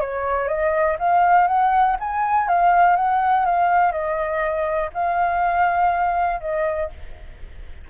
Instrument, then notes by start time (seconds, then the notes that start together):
flute
0.00 C#5
0.47 D#5
0.99 F5
1.47 F#5
2.00 G#5
2.48 F5
2.96 F#5
3.45 F5
3.92 D#5
4.94 F5
6.40 D#5